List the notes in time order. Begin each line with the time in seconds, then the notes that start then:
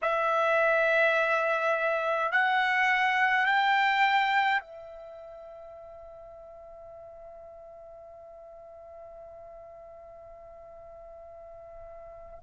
0.02 E5
2.32 F#5
3.45 G5
4.60 E5